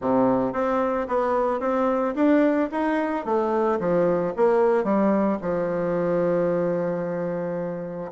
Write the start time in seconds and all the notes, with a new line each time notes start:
0.01 C3
0.53 C4
1.07 B3
1.60 C4
2.15 D4
2.71 D#4
3.25 A3
3.79 F3
4.36 A#3
4.84 G3
5.41 F3